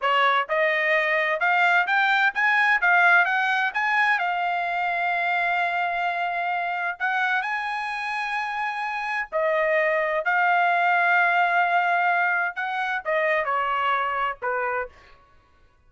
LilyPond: \new Staff \with { instrumentName = "trumpet" } { \time 4/4 \tempo 4 = 129 cis''4 dis''2 f''4 | g''4 gis''4 f''4 fis''4 | gis''4 f''2.~ | f''2. fis''4 |
gis''1 | dis''2 f''2~ | f''2. fis''4 | dis''4 cis''2 b'4 | }